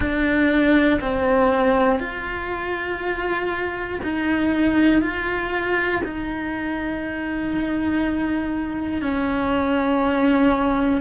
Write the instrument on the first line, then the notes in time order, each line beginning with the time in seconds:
cello
0.00 D4
1.00 C4
2.00 F4
4.03 D#4
5.01 F4
6.04 D#4
9.01 C#4